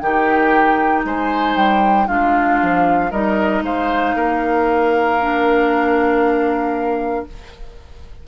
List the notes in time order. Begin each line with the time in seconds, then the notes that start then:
0.00 D#3 D#4 G4 G5
1.05 G#3 C5 G#5
1.56 G3 G5
2.08 G#3 D4 F4 F5
2.62 F3
3.11 G3 D#4 A#4 D#5
3.63 G#3 C5 F5
4.16 A#3 A#4
5.21 D4